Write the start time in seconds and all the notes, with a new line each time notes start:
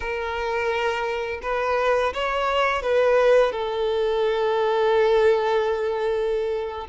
0.00 A#4
1.42 B4
2.13 C#5
2.82 B4
3.52 A4